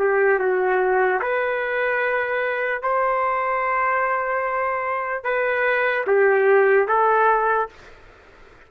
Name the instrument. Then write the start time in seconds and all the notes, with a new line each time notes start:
trumpet
0.00 G4
0.40 F#4
1.22 B4
2.83 C5
5.24 B4
6.07 G4
6.88 A4